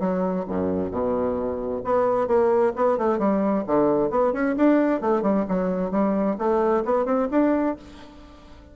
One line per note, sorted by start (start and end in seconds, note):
0.00 0.45 F#3
0.48 0.91 F#2
0.91 1.82 B2
1.85 2.27 B3
2.27 2.73 A#3
2.76 2.98 B3
2.98 3.19 A3
3.19 3.64 G3
3.67 4.10 D3
4.10 4.33 B3
4.33 4.56 C#4
4.57 5.01 D4
5.01 5.23 A3
5.23 5.45 G3
5.49 5.91 F#3
5.91 6.37 G3
6.38 6.84 A3
6.85 7.06 B3
7.06 7.28 C4
7.31 7.76 D4